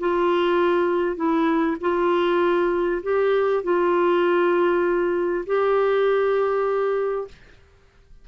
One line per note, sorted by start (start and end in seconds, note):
0.00 1.17 F4
1.17 1.77 E4
1.81 3.02 F4
3.03 3.64 G4
3.64 5.45 F4
5.47 7.28 G4